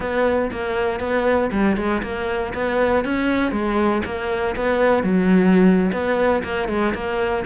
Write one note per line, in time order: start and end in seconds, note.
0.00 0.50 B3
0.51 1.00 A#3
1.00 1.50 B3
1.51 1.76 G3
1.76 2.01 G#3
2.02 2.53 A#3
2.54 3.04 B3
3.04 3.51 C#4
3.51 4.02 G#3
4.05 4.55 A#3
4.56 5.03 B3
5.03 5.91 F#3
5.92 6.42 B3
6.43 6.68 A#3
6.68 6.93 G#3
6.94 7.45 A#3